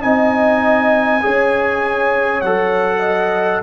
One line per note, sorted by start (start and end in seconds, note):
0.00 1.23 C4
0.00 1.20 D#4
0.00 1.20 D#5
0.00 2.41 G#5
1.21 2.42 C#4
1.21 2.41 G#4
1.21 2.99 C#5
2.41 3.62 F#3
2.41 3.62 A4
2.41 3.61 F#5
2.99 3.59 D#5